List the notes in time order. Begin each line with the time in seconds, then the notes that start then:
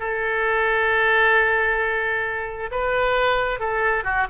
0.00 A4
2.71 B4
3.60 A4
4.04 F#4